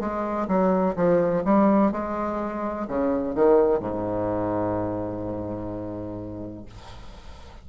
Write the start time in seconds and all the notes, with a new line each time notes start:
0.00 G#3
0.48 F#3
0.96 F3
1.45 G3
1.92 G#3
2.88 C#3
3.35 D#3
3.80 G#2